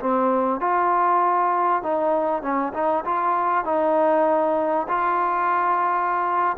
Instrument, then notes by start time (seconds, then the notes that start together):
trombone
0.00 C4
0.60 F4
1.83 D#4
2.42 C#4
2.74 D#4
3.05 F4
3.65 D#4
4.88 F4